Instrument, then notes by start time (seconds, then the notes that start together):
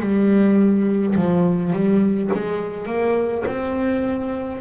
double bass
0.00 G3
1.16 F3
1.73 G3
2.34 G#3
2.87 A#3
3.47 C4